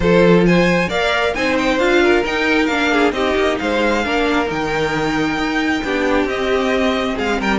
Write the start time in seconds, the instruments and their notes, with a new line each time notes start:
0.00 cello F3, viola F4, violin A4 C5
0.45 violin C5 G#5
0.88 cello A#3, viola A#4, violin D5 F5
1.34 cello C4, viola D#4, violin C5 G#5
1.58 violin G5
1.78 cello D4, viola F4, violin F5
2.02 violin A#4
2.24 viola D#4, cello D#4, violin G5
2.66 cello A#3, viola D4, violin F5
2.92 violin G#4
3.11 cello C4, viola D#4, violin G4 D#5
3.36 cello A#3
3.58 cello G#3, violin C5 F5
4.04 cello A#3, viola D4, violin A#4
4.46 cello D#3, viola D#4, violin G5
5.37 cello D#4
5.84 cello B3, viola D4, violin G4
6.24 cello C4, viola C4, violin D#5
7.15 cello G#3, violin G#4 F5
7.40 cello G3, violin A#4 G5